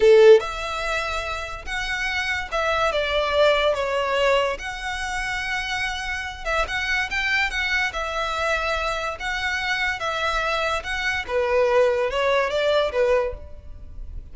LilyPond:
\new Staff \with { instrumentName = "violin" } { \time 4/4 \tempo 4 = 144 a'4 e''2. | fis''2 e''4 d''4~ | d''4 cis''2 fis''4~ | fis''2.~ fis''8 e''8 |
fis''4 g''4 fis''4 e''4~ | e''2 fis''2 | e''2 fis''4 b'4~ | b'4 cis''4 d''4 b'4 | }